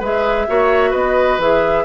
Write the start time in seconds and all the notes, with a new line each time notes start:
0.00 G#3 G#4 B4 E5
0.48 A#3 F#4 C#5
0.91 B3 B4 D#5
1.38 E3 G#4 E5